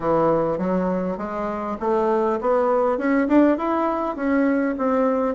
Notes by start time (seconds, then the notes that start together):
0.00 E3
0.58 F#3
1.17 G#3
1.80 A3
2.41 B3
2.97 C#4
3.28 D4
3.57 E4
4.16 C#4
4.78 C4